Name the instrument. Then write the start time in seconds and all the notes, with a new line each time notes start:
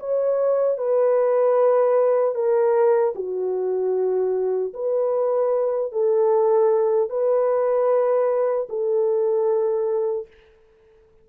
horn
0.00 C#5
0.78 B4
2.35 A#4
3.15 F#4
4.74 B4
5.92 A4
7.10 B4
8.69 A4